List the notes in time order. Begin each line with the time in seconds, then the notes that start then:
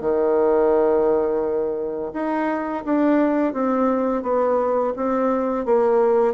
0.00 D#3
2.13 D#4
2.85 D4
3.53 C4
4.22 B3
4.96 C4
5.65 A#3